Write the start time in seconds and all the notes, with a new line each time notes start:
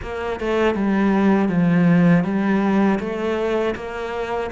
0.02 A#3
0.40 A3
0.74 G3
1.49 F3
2.24 G3
2.99 A3
3.75 A#3